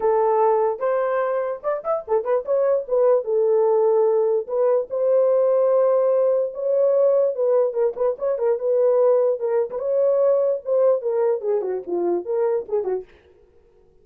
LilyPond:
\new Staff \with { instrumentName = "horn" } { \time 4/4 \tempo 4 = 147 a'2 c''2 | d''8 e''8 a'8 b'8 cis''4 b'4 | a'2. b'4 | c''1 |
cis''2 b'4 ais'8 b'8 | cis''8 ais'8 b'2 ais'8. b'16 | cis''2 c''4 ais'4 | gis'8 fis'8 f'4 ais'4 gis'8 fis'8 | }